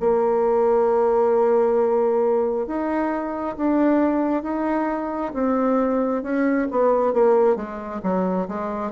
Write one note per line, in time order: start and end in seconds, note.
0.00 2.67 A#3
2.67 3.57 D#4
3.57 4.43 D4
4.43 5.32 D#4
5.34 6.23 C4
6.23 6.68 C#4
6.71 7.13 B3
7.13 7.56 A#3
7.56 8.01 G#3
8.03 8.48 F#3
8.48 8.92 G#3